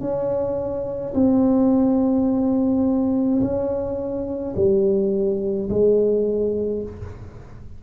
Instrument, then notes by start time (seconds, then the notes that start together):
tuba
0.00 C#4
1.14 C4
3.41 C#4
4.56 G3
5.70 G#3